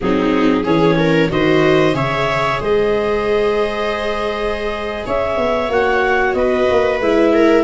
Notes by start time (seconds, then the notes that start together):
0.00 F#3 C4 D#4 G#4
0.63 E3 C#4 G#4 C#5
0.98 A#4
1.28 D#3 F#4 C5 D#5
1.93 C#3 G#4 C#5 E5
2.60 G#3 C5 D#5
5.06 C#4 C#5 E5
5.37 B3
5.69 A#3 F#4 F#5
6.33 B3 B4 D#5
6.70 A#3
6.99 G#3 E4 E5
7.33 A#4